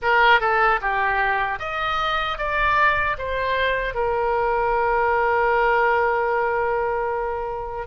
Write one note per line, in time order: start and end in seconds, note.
0.02 0.40 A#4
0.40 0.79 A4
0.81 1.59 G4
1.59 2.38 D#5
2.38 3.17 D5
3.18 3.94 C5
3.94 7.87 A#4